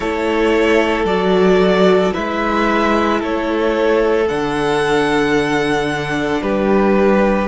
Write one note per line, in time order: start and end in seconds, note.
0.00 1.04 A3
0.00 1.06 E4
0.00 2.13 A4
0.00 1.05 C#5
1.04 2.11 F#3
1.04 2.12 F#4
1.04 2.12 D5
2.12 3.22 G#3
2.12 4.27 E4
2.12 3.19 B4
2.12 3.21 E5
3.19 4.29 A3
3.19 6.41 A4
3.19 4.28 C#5
4.27 6.41 D3
4.27 7.48 D4
4.27 6.42 F#5
6.41 7.48 G3
6.41 7.48 G4
6.41 7.48 B4